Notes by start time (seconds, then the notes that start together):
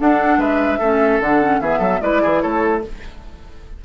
0.00 D4 A4 F#5
0.38 G#3 B4 E5
0.79 A3 C#4 A4
1.20 D3 D4 F#5
1.41 C#4
1.61 E3 B3 G#4 E5
1.79 F#3 A4
2.01 G#3 E4 B4 D5
2.22 E3 G#4
2.41 A3 A4 C#5